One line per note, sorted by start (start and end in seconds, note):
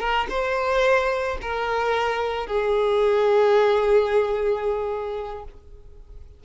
0.00 0.27 A#4
0.30 1.38 C5
1.42 2.47 A#4
2.47 5.44 G#4